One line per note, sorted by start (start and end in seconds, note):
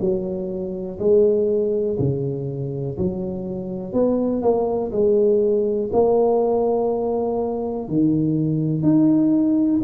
0.00 0.98 F#3
0.98 1.97 G#3
1.99 2.97 C#3
2.97 3.93 F#3
3.93 4.42 B3
4.42 4.91 A#3
4.91 5.90 G#3
5.92 7.88 A#3
7.88 8.82 D#3
8.82 9.81 D#4